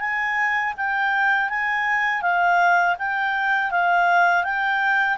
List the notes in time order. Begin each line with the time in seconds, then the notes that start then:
0.00 G#5
0.77 G5
1.49 G#5
2.22 F5
2.99 G5
3.71 F5
4.44 G5